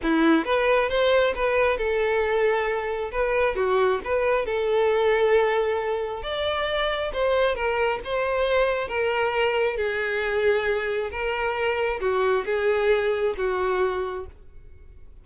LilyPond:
\new Staff \with { instrumentName = "violin" } { \time 4/4 \tempo 4 = 135 e'4 b'4 c''4 b'4 | a'2. b'4 | fis'4 b'4 a'2~ | a'2 d''2 |
c''4 ais'4 c''2 | ais'2 gis'2~ | gis'4 ais'2 fis'4 | gis'2 fis'2 | }